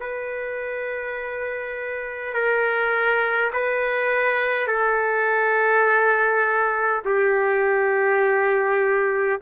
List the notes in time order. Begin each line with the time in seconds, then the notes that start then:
0.00 B4
2.34 A#4
3.53 B4
4.67 A4
7.05 G4